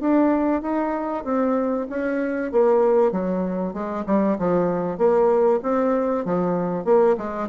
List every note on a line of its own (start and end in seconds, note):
0.00 0.62 D4
0.62 1.24 D#4
1.24 1.87 C4
1.89 2.52 C#4
2.52 3.12 A#3
3.12 3.73 F#3
3.73 4.05 G#3
4.06 4.38 G3
4.39 4.98 F3
4.98 5.61 A#3
5.62 6.25 C4
6.25 6.85 F3
6.85 7.16 A#3
7.17 7.49 G#3